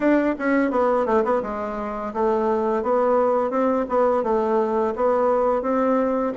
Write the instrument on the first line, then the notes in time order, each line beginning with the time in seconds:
bassoon
0.00 D4
0.38 C#4
0.71 B3
1.06 A3
1.24 B3
1.42 G#3
2.13 A3
2.82 B3
3.50 C4
3.89 B3
4.23 A3
4.95 B3
5.61 C4